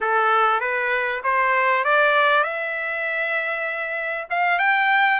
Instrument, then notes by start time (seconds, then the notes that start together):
trumpet
0.00 A4
0.60 B4
1.23 C5
1.84 D5
2.43 E5
4.30 F5
4.58 G5